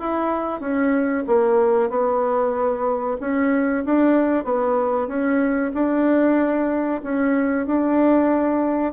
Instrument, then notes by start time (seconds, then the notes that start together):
bassoon
0.00 E4
0.61 C#4
1.27 A#3
1.90 B3
3.21 C#4
3.85 D4
4.45 B3
5.08 C#4
5.74 D4
7.03 C#4
7.67 D4